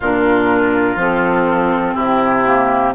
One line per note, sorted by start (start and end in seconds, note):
0.00 0.95 A#2
0.00 0.98 D4
0.00 1.94 F4
0.00 1.00 A#4
0.95 1.94 F3
0.95 2.45 C4
0.95 1.94 A4
1.94 2.94 C3
1.94 2.92 E4
1.94 2.93 G4
2.45 2.94 A#3